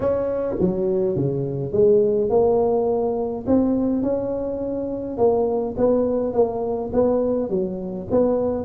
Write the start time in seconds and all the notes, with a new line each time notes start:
0.00 C#4
0.60 F#3
1.15 C#3
1.72 G#3
2.29 A#3
3.46 C4
4.02 C#4
5.17 A#3
5.77 B3
6.33 A#3
6.93 B3
7.49 F#3
8.11 B3